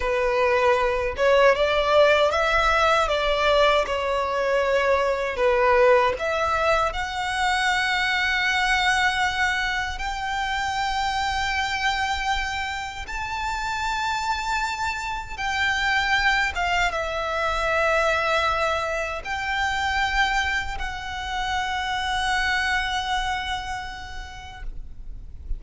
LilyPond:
\new Staff \with { instrumentName = "violin" } { \time 4/4 \tempo 4 = 78 b'4. cis''8 d''4 e''4 | d''4 cis''2 b'4 | e''4 fis''2.~ | fis''4 g''2.~ |
g''4 a''2. | g''4. f''8 e''2~ | e''4 g''2 fis''4~ | fis''1 | }